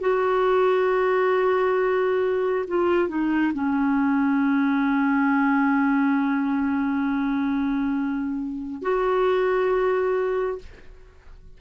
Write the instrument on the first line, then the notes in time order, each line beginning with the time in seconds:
clarinet
0.00 F#4
2.67 F4
3.08 D#4
3.53 C#4
8.82 F#4